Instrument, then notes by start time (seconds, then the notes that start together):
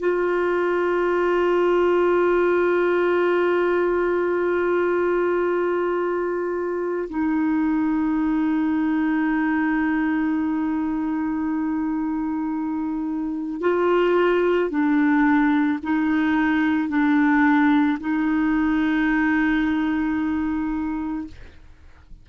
clarinet
0.00 F4
7.10 D#4
13.61 F4
14.70 D4
15.83 D#4
16.89 D4
18.00 D#4